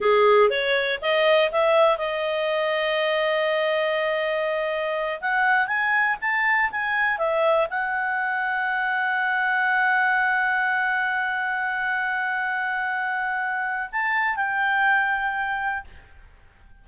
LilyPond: \new Staff \with { instrumentName = "clarinet" } { \time 4/4 \tempo 4 = 121 gis'4 cis''4 dis''4 e''4 | dis''1~ | dis''2~ dis''8 fis''4 gis''8~ | gis''8 a''4 gis''4 e''4 fis''8~ |
fis''1~ | fis''1~ | fis''1 | a''4 g''2. | }